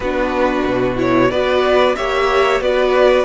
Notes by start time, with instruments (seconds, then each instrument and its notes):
0.00 cello B3, viola D4, violin F#4 B4
0.66 cello B2
0.96 viola E4, violin C#5
1.30 cello B3, viola F#4, violin B4 D5
1.96 cello A#3, viola G4, violin C#5 E5
2.60 cello B3, viola F#4, violin B4 D5